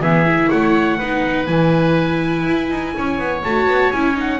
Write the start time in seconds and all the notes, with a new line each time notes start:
0.00 E3 B3 G#4 E5
0.26 E4
0.50 A3 C#5 F#5
0.98 B3 D#4 B4
1.46 E3 E4 G#5
2.46 E4
2.70 D#4
2.97 C#4 C#5
3.19 B3
3.43 A3 F#4 A5
3.67 B3
3.92 C#4 E4 G#5
4.15 D#4 F#5